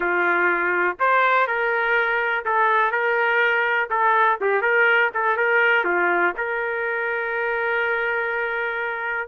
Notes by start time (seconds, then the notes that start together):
0.00 F4
0.99 C5
1.47 A#4
2.45 A4
2.91 A#4
3.90 A4
4.40 G4
4.61 A#4
5.14 A4
5.37 A#4
5.84 F4
6.37 A#4